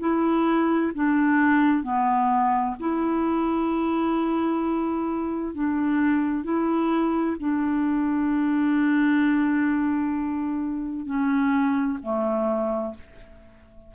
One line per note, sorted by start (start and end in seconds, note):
0.00 0.92 E4
0.95 1.84 D4
1.84 2.76 B3
2.80 5.55 E4
5.55 6.44 D4
6.44 7.37 E4
7.40 11.06 D4
11.06 11.99 C#4
12.03 12.95 A3